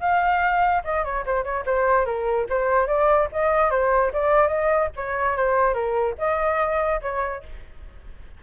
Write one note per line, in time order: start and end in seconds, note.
0.00 0.82 F5
0.84 1.04 D#5
1.04 1.24 C#5
1.25 1.43 C5
1.43 1.64 C#5
1.66 2.05 C5
2.05 2.46 A#4
2.49 2.87 C5
2.87 3.28 D5
3.32 3.70 D#5
3.70 4.12 C5
4.12 4.48 D5
4.48 4.89 D#5
4.96 5.36 C#5
5.36 5.73 C5
5.73 6.14 A#4
6.18 7.00 D#5
7.01 7.43 C#5